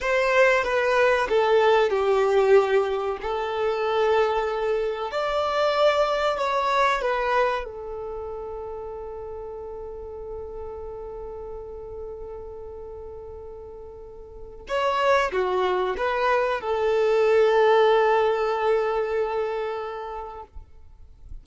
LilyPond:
\new Staff \with { instrumentName = "violin" } { \time 4/4 \tempo 4 = 94 c''4 b'4 a'4 g'4~ | g'4 a'2. | d''2 cis''4 b'4 | a'1~ |
a'1~ | a'2. cis''4 | fis'4 b'4 a'2~ | a'1 | }